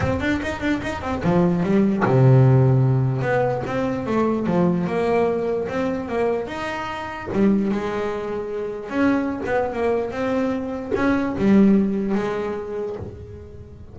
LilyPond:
\new Staff \with { instrumentName = "double bass" } { \time 4/4 \tempo 4 = 148 c'8 d'8 dis'8 d'8 dis'8 c'8 f4 | g4 c2. | b4 c'4 a4 f4 | ais2 c'4 ais4 |
dis'2 g4 gis4~ | gis2 cis'4~ cis'16 b8. | ais4 c'2 cis'4 | g2 gis2 | }